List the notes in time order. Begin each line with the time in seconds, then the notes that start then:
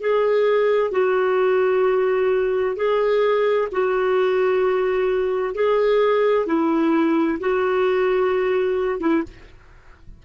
0.00 G#4
0.91 F#4
2.76 G#4
3.71 F#4
5.54 G#4
6.46 E4
7.39 F#4
9.00 E4